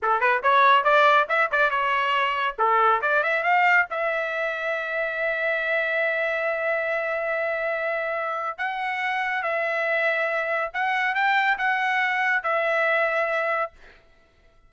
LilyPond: \new Staff \with { instrumentName = "trumpet" } { \time 4/4 \tempo 4 = 140 a'8 b'8 cis''4 d''4 e''8 d''8 | cis''2 a'4 d''8 e''8 | f''4 e''2.~ | e''1~ |
e''1 | fis''2 e''2~ | e''4 fis''4 g''4 fis''4~ | fis''4 e''2. | }